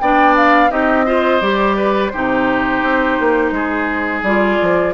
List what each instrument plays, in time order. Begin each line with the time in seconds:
0.00 bassoon B3, clarinet D4, oboe D5, flute G5
0.36 flute F5
0.70 bassoon C4, clarinet D#4, oboe G4, flute D#5
1.06 clarinet F4, oboe C5
1.41 bassoon G3, clarinet G4, flute D5
1.77 oboe B4
2.10 bassoon C3, clarinet D#4, oboe G4, flute C5
2.83 bassoon C4
3.20 bassoon A#3
3.52 bassoon G#3, oboe G#4
4.23 bassoon G3, clarinet F4, flute D5
4.62 bassoon F3